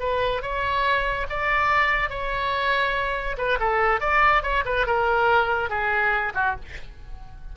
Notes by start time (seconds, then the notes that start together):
0.00 B4
0.42 C#5
1.30 D5
2.10 C#5
3.38 B4
3.60 A4
4.01 D5
4.43 C#5
4.65 B4
4.87 A#4
5.70 G#4
6.35 F#4